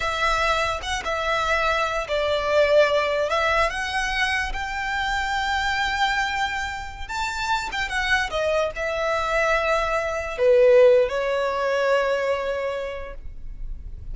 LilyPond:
\new Staff \with { instrumentName = "violin" } { \time 4/4 \tempo 4 = 146 e''2 fis''8 e''4.~ | e''4 d''2. | e''4 fis''2 g''4~ | g''1~ |
g''4~ g''16 a''4. g''8 fis''8.~ | fis''16 dis''4 e''2~ e''8.~ | e''4~ e''16 b'4.~ b'16 cis''4~ | cis''1 | }